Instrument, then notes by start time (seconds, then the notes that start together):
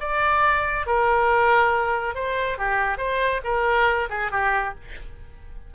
oboe
0.00 D5
0.86 A#4
2.15 C5
2.58 G4
2.97 C5
3.44 A#4
4.09 G#4
4.31 G4